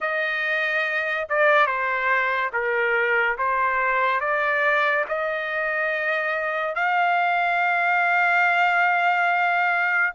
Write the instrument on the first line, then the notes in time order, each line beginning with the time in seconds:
trumpet
0.00 D#5
1.29 D5
1.66 C5
2.52 A#4
3.38 C5
4.20 D5
5.08 D#5
6.75 F5